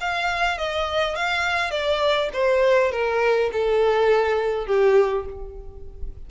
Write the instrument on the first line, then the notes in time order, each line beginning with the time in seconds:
violin
0.00 F5
0.58 D#5
1.15 F5
1.71 D5
2.33 C5
2.91 A#4
3.52 A4
4.66 G4